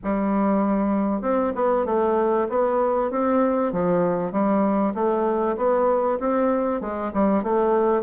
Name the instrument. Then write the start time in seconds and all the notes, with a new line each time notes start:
bassoon
0.03 G3
1.21 C4
1.55 B3
1.85 A3
2.49 B3
3.10 C4
3.72 F3
4.32 G3
4.94 A3
5.57 B3
6.19 C4
6.80 G#3
7.13 G3
7.43 A3